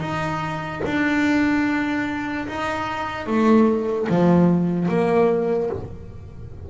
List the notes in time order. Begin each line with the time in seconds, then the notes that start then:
0.00 D#4
0.85 D4
2.48 D#4
3.26 A3
4.09 F3
4.89 A#3